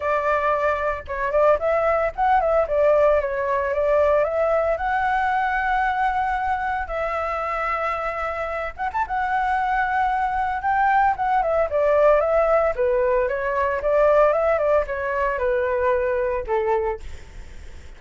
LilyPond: \new Staff \with { instrumentName = "flute" } { \time 4/4 \tempo 4 = 113 d''2 cis''8 d''8 e''4 | fis''8 e''8 d''4 cis''4 d''4 | e''4 fis''2.~ | fis''4 e''2.~ |
e''8 fis''16 a''16 fis''2. | g''4 fis''8 e''8 d''4 e''4 | b'4 cis''4 d''4 e''8 d''8 | cis''4 b'2 a'4 | }